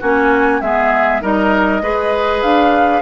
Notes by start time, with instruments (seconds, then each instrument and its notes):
0.00 bassoon A#3, clarinet C#4, oboe F#4, flute G#5
0.61 bassoon G#3, clarinet B3, oboe G#4, flute E5
1.21 bassoon G3, clarinet D#4, oboe A#4, flute D#5
1.82 bassoon G#3, clarinet G#4, oboe B4
2.42 bassoon D4, flute F5